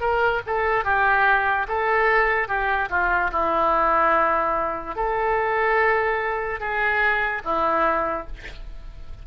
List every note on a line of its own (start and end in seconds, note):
0.00 0.41 A#4
0.46 0.84 A4
0.84 1.66 G4
1.68 2.47 A4
2.47 2.88 G4
2.90 3.31 F4
3.31 4.95 E4
4.95 6.60 A4
6.60 7.42 G#4
7.44 8.26 E4